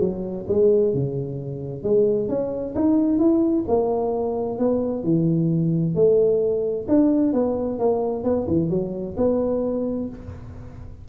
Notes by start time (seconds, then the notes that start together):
0.00 F#3
0.49 G#3
0.94 C#3
1.84 G#3
2.29 C#4
2.75 D#4
3.19 E4
3.68 A#3
4.59 B3
5.03 E3
5.95 A3
6.88 D4
7.33 B3
7.79 A#3
8.24 B3
8.47 E3
8.70 F#3
9.17 B3